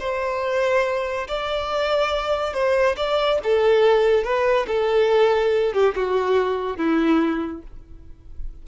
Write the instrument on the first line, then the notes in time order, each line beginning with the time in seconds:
violin
0.00 C5
1.28 D5
2.54 C5
2.97 D5
3.44 A4
4.24 B4
4.68 A4
5.74 G4
5.96 F#4
6.77 E4